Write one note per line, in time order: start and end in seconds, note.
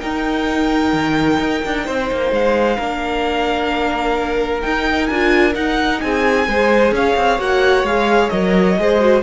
0.00 2.77 D#4
0.00 0.93 D#4
0.00 1.85 A#4
0.00 2.31 G5
0.93 1.39 D#3
1.39 1.62 D#4
1.65 1.88 D4
1.85 2.11 C4
1.85 2.78 C5
2.12 2.31 A#3
2.31 2.78 G#3
2.31 4.61 F5
2.78 4.63 A#3
2.78 4.63 D4
2.78 6.01 A#4
4.61 5.09 D#4
4.61 5.10 D#4
4.61 5.07 G5
5.07 5.55 D4
5.07 5.54 F4
5.07 5.53 G#5
5.54 6.46 D#4
5.54 6.01 D#4
5.54 6.01 F#5
6.01 6.48 C4
6.01 6.49 G#4
6.01 6.93 G#5
6.48 6.92 G#3
6.48 7.39 G#4
6.48 6.95 C5
6.92 7.15 C#4
6.92 8.80 C#5
6.92 7.40 F5
7.16 7.39 C4
7.39 7.83 A#3
7.39 7.85 F#4
7.39 7.86 F#5
7.83 8.30 G#3
7.83 8.31 G#4
7.83 8.30 F5
8.30 8.78 F#3
8.30 8.77 A#4
8.30 9.22 D#5
8.78 9.23 G#3
8.78 9.00 G#4
8.78 9.23 C5
9.00 9.23 F#4